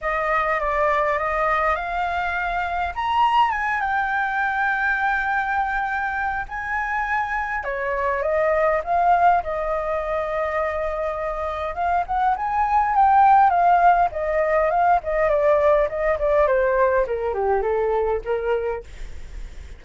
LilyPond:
\new Staff \with { instrumentName = "flute" } { \time 4/4 \tempo 4 = 102 dis''4 d''4 dis''4 f''4~ | f''4 ais''4 gis''8 g''4.~ | g''2. gis''4~ | gis''4 cis''4 dis''4 f''4 |
dis''1 | f''8 fis''8 gis''4 g''4 f''4 | dis''4 f''8 dis''8 d''4 dis''8 d''8 | c''4 ais'8 g'8 a'4 ais'4 | }